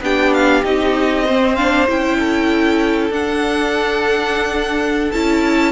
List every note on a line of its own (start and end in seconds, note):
0.00 0.62 B3
0.00 0.64 D4
0.00 1.24 G4
0.00 0.33 G5
0.33 0.64 F5
0.63 1.87 C4
0.63 1.25 D#4
0.63 1.55 D#5
1.24 1.57 C4
1.24 2.17 C5
1.55 1.87 D4
1.55 1.86 F5
1.87 3.10 C#4
1.87 3.11 E4
1.87 3.12 G5
2.18 5.72 A4
3.10 5.11 D4
3.10 5.13 D4
3.10 5.11 F#5
5.11 5.72 C#4
5.11 5.72 E4
5.11 5.72 A5